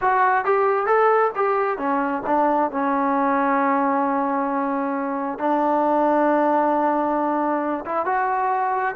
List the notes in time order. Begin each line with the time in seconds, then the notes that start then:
0.01 F#4
0.45 G4
0.86 A4
1.35 G4
1.78 C#4
2.26 D4
2.71 C#4
5.38 D4
7.85 E4
8.05 F#4